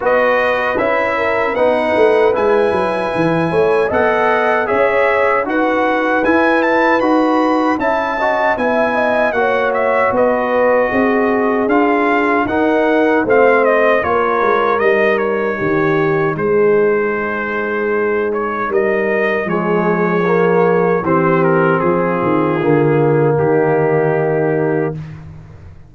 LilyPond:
<<
  \new Staff \with { instrumentName = "trumpet" } { \time 4/4 \tempo 4 = 77 dis''4 e''4 fis''4 gis''4~ | gis''4 fis''4 e''4 fis''4 | gis''8 a''8 b''4 a''4 gis''4 | fis''8 e''8 dis''2 f''4 |
fis''4 f''8 dis''8 cis''4 dis''8 cis''8~ | cis''4 c''2~ c''8 cis''8 | dis''4 cis''2 c''8 ais'8 | gis'2 g'2 | }
  \new Staff \with { instrumentName = "horn" } { \time 4/4 b'4. ais'8 b'2~ | b'8 cis''8 dis''4 cis''4 b'4~ | b'2 e''8 dis''8 e''8 dis''8 | cis''4 b'4 gis'2 |
ais'4 c''4 ais'2 | g'4 gis'2. | ais'4 gis'2 g'4 | f'2 dis'2 | }
  \new Staff \with { instrumentName = "trombone" } { \time 4/4 fis'4 e'4 dis'4 e'4~ | e'4 a'4 gis'4 fis'4 | e'4 fis'4 e'8 fis'8 e'4 | fis'2. f'4 |
dis'4 c'4 f'4 dis'4~ | dis'1~ | dis'4 gis4 ais4 c'4~ | c'4 ais2. | }
  \new Staff \with { instrumentName = "tuba" } { \time 4/4 b4 cis'4 b8 a8 gis8 fis8 | e8 a8 b4 cis'4 dis'4 | e'4 dis'4 cis'4 b4 | ais4 b4 c'4 d'4 |
dis'4 a4 ais8 gis8 g4 | dis4 gis2. | g4 f2 e4 | f8 dis8 d4 dis2 | }
>>